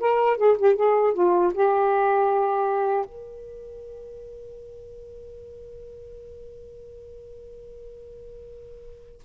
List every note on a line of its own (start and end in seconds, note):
0.00 0.37 A#4
0.37 0.56 G#4
0.58 0.76 G4
0.76 1.14 G#4
1.14 1.52 F4
1.54 3.06 G4
3.06 9.21 A#4